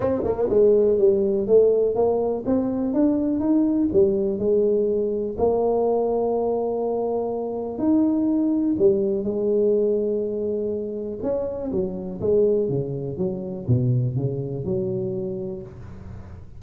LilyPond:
\new Staff \with { instrumentName = "tuba" } { \time 4/4 \tempo 4 = 123 c'8 ais8 gis4 g4 a4 | ais4 c'4 d'4 dis'4 | g4 gis2 ais4~ | ais1 |
dis'2 g4 gis4~ | gis2. cis'4 | fis4 gis4 cis4 fis4 | b,4 cis4 fis2 | }